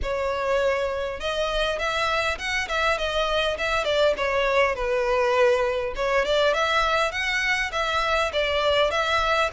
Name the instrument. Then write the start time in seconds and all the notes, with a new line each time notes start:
violin
0.02 C#5
1.20 D#5
1.78 E5
2.38 F#5
2.68 E5
2.98 D#5
3.58 E5
3.84 D5
4.17 C#5
4.75 B4
5.95 C#5
6.25 D5
6.53 E5
7.11 F#5
7.72 E5
8.32 D5
8.90 E5